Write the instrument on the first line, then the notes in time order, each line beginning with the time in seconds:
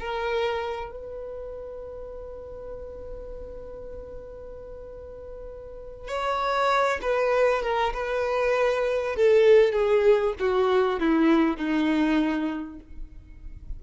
violin
0.00 A#4
0.92 B4
6.08 C#5
7.02 B4
7.63 A#4
7.94 B4
9.16 A4
9.73 G#4
10.40 F#4
11.00 E4
11.57 D#4